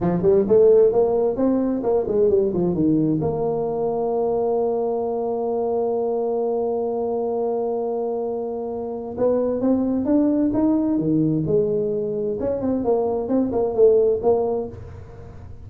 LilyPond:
\new Staff \with { instrumentName = "tuba" } { \time 4/4 \tempo 4 = 131 f8 g8 a4 ais4 c'4 | ais8 gis8 g8 f8 dis4 ais4~ | ais1~ | ais1~ |
ais1 | b4 c'4 d'4 dis'4 | dis4 gis2 cis'8 c'8 | ais4 c'8 ais8 a4 ais4 | }